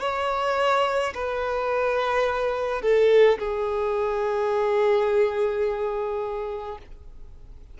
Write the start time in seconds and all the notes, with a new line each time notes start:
0.00 C#5
1.14 B4
2.81 A4
3.39 G#4